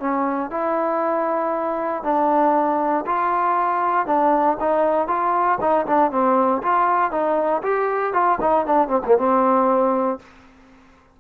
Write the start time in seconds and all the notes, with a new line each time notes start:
0.00 C#4
0.51 E4
2.03 D4
3.06 F4
4.06 D4
4.60 D#4
5.08 F4
5.61 D#4
5.87 D4
6.11 C4
6.62 F4
7.11 D#4
7.62 G4
8.13 F4
8.41 D#4
8.66 D4
8.88 C4
9.06 A#3
9.18 C4